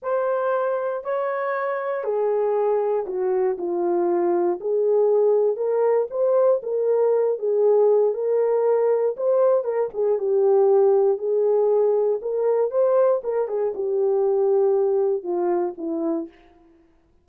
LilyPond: \new Staff \with { instrumentName = "horn" } { \time 4/4 \tempo 4 = 118 c''2 cis''2 | gis'2 fis'4 f'4~ | f'4 gis'2 ais'4 | c''4 ais'4. gis'4. |
ais'2 c''4 ais'8 gis'8 | g'2 gis'2 | ais'4 c''4 ais'8 gis'8 g'4~ | g'2 f'4 e'4 | }